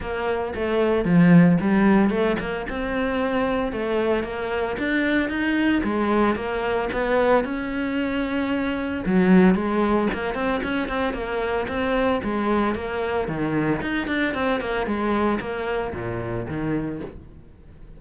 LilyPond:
\new Staff \with { instrumentName = "cello" } { \time 4/4 \tempo 4 = 113 ais4 a4 f4 g4 | a8 ais8 c'2 a4 | ais4 d'4 dis'4 gis4 | ais4 b4 cis'2~ |
cis'4 fis4 gis4 ais8 c'8 | cis'8 c'8 ais4 c'4 gis4 | ais4 dis4 dis'8 d'8 c'8 ais8 | gis4 ais4 ais,4 dis4 | }